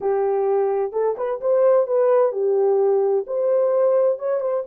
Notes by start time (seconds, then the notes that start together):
0.00 G4
0.92 A4
1.17 B4
1.40 C5
1.86 B4
2.32 G4
3.26 C5
4.18 C#5
4.40 C5